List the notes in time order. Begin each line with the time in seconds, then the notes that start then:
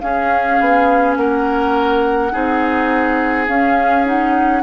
0.00 C#4 G#4 F5
0.60 B3
1.16 A#3 A#4 F#5
2.32 C4 D#4 G#4
3.48 C#4 F5
4.05 D#4 F#5